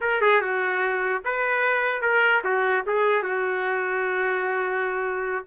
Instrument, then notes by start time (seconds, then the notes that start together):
trumpet
0.00 A#4
0.21 G#4
0.41 F#4
1.24 B4
2.01 A#4
2.43 F#4
2.86 G#4
3.22 F#4